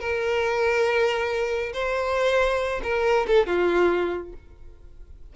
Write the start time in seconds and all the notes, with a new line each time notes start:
0.00 A#4
1.73 C5
2.83 A#4
3.27 A4
3.46 F4